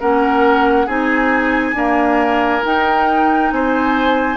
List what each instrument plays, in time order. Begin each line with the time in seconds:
0.00 bassoon A#3, clarinet C#4, oboe A#4, flute F#5
0.86 bassoon C4, clarinet D#4, oboe G#4, flute G#5
1.73 clarinet A#3, bassoon D4, oboe A#4
2.63 clarinet D#4, bassoon D#4, flute G5
3.52 bassoon C4, oboe C5, flute G#5